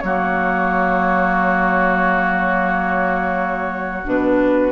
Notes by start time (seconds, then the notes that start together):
0.00 F#3 A#3 F#4 C#5
4.05 B2 D4 B4